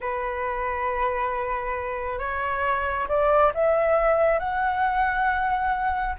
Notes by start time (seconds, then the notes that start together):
0.00 B4
2.19 C#5
3.08 D5
3.54 E5
4.39 F#5